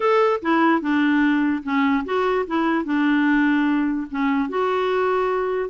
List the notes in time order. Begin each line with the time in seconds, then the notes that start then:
0.00 A4
0.42 E4
0.81 D4
1.63 C#4
2.04 F#4
2.46 E4
2.84 D4
4.10 C#4
4.49 F#4